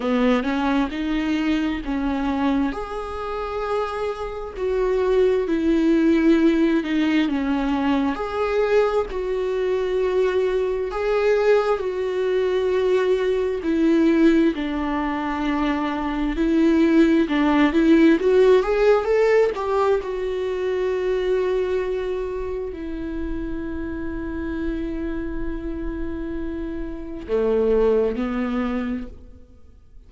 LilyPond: \new Staff \with { instrumentName = "viola" } { \time 4/4 \tempo 4 = 66 b8 cis'8 dis'4 cis'4 gis'4~ | gis'4 fis'4 e'4. dis'8 | cis'4 gis'4 fis'2 | gis'4 fis'2 e'4 |
d'2 e'4 d'8 e'8 | fis'8 gis'8 a'8 g'8 fis'2~ | fis'4 e'2.~ | e'2 a4 b4 | }